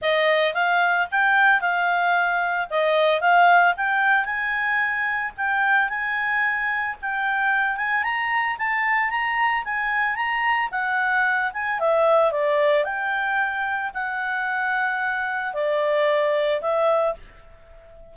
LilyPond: \new Staff \with { instrumentName = "clarinet" } { \time 4/4 \tempo 4 = 112 dis''4 f''4 g''4 f''4~ | f''4 dis''4 f''4 g''4 | gis''2 g''4 gis''4~ | gis''4 g''4. gis''8 ais''4 |
a''4 ais''4 gis''4 ais''4 | fis''4. gis''8 e''4 d''4 | g''2 fis''2~ | fis''4 d''2 e''4 | }